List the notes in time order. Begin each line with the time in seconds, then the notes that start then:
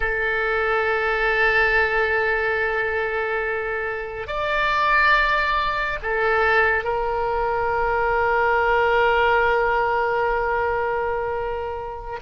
0.00 A4
4.27 D5
6.02 A4
6.84 A#4